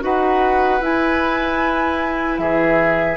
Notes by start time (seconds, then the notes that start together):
0.00 D#4 F#4 B4 F#5
0.80 E4 G#5
2.38 E3 G#4 E5